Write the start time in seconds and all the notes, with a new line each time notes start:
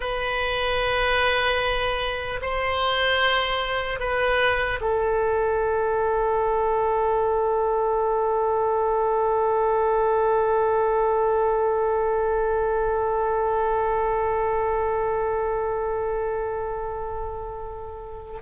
0.00 B4
2.41 C5
3.99 B4
4.80 A4